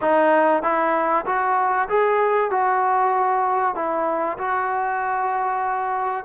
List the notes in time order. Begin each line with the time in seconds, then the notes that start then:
0.01 D#4
0.62 E4
1.25 F#4
1.89 G#4
2.50 F#4
3.75 E4
4.38 F#4